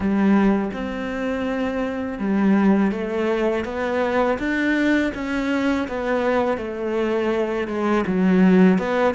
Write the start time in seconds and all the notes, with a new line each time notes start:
0.00 G3
0.73 C4
2.18 G3
2.91 A3
3.65 B3
4.38 D4
5.14 C#4
5.87 B3
6.57 A3
7.67 G#3
8.07 F#3
8.78 B3